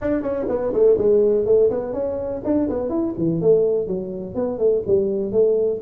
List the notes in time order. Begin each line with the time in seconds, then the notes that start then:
0.01 D4
0.22 C#4
0.48 B3
0.73 A3
0.97 G#3
1.45 A3
1.70 B3
1.93 C#4
2.44 D4
2.69 B3
2.89 E4
3.17 E3
3.41 A3
3.87 F#3
4.34 B3
4.58 A3
4.87 G3
5.32 A3